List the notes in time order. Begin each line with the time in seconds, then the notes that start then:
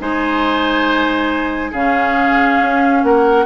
0.00 G#3 D#4 C5 G#5
1.72 C#3 C#4 G#4 F5
2.60 C#4
3.03 A#3 A#4 F#5